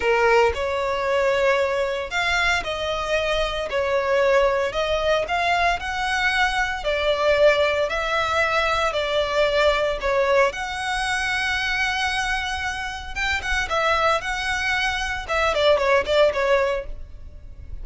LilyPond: \new Staff \with { instrumentName = "violin" } { \time 4/4 \tempo 4 = 114 ais'4 cis''2. | f''4 dis''2 cis''4~ | cis''4 dis''4 f''4 fis''4~ | fis''4 d''2 e''4~ |
e''4 d''2 cis''4 | fis''1~ | fis''4 g''8 fis''8 e''4 fis''4~ | fis''4 e''8 d''8 cis''8 d''8 cis''4 | }